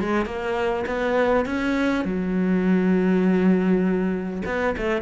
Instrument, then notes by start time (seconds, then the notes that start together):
cello
0.00 G#3
0.26 A#3
0.86 B3
1.46 C#4
2.05 F#3
4.46 B3
4.77 A3